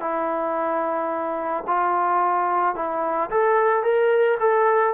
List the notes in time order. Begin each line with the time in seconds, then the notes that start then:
0.00 E4
1.67 F4
2.75 E4
3.30 A4
3.83 A#4
4.40 A4